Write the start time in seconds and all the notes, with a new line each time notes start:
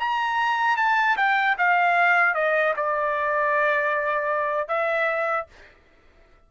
0.00 A#5
0.77 A5
1.17 G5
1.58 F5
2.35 D#5
2.77 D5
4.68 E5